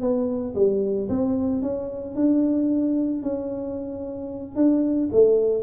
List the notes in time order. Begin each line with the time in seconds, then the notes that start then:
0.00 B3
0.55 G3
1.08 C4
1.62 C#4
2.15 D4
3.22 C#4
4.55 D4
5.12 A3